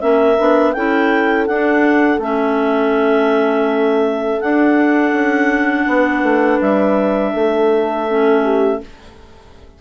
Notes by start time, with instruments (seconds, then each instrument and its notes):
0.00 bassoon A#3, clarinet C#4 E5, horn A#4
0.39 bassoon B3, clarinet D4
0.73 bassoon C#4, clarinet E4 G5, horn A4
1.47 bassoon D4, clarinet D4 F#5
2.18 bassoon A3, clarinet C#4 E5
4.41 clarinet D4 F#5, bassoon D4
5.13 bassoon C#4
5.87 bassoon B3, horn B4
6.23 bassoon A3
6.61 bassoon G3, clarinet E5
7.34 bassoon A3, horn A4
8.08 clarinet C#4
8.44 horn G4